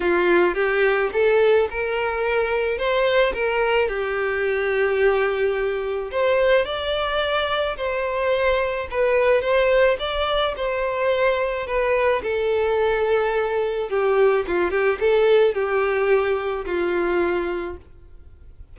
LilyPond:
\new Staff \with { instrumentName = "violin" } { \time 4/4 \tempo 4 = 108 f'4 g'4 a'4 ais'4~ | ais'4 c''4 ais'4 g'4~ | g'2. c''4 | d''2 c''2 |
b'4 c''4 d''4 c''4~ | c''4 b'4 a'2~ | a'4 g'4 f'8 g'8 a'4 | g'2 f'2 | }